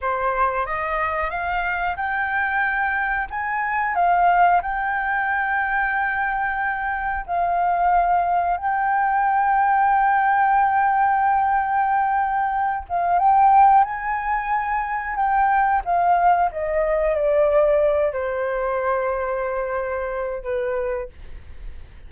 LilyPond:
\new Staff \with { instrumentName = "flute" } { \time 4/4 \tempo 4 = 91 c''4 dis''4 f''4 g''4~ | g''4 gis''4 f''4 g''4~ | g''2. f''4~ | f''4 g''2.~ |
g''2.~ g''8 f''8 | g''4 gis''2 g''4 | f''4 dis''4 d''4. c''8~ | c''2. b'4 | }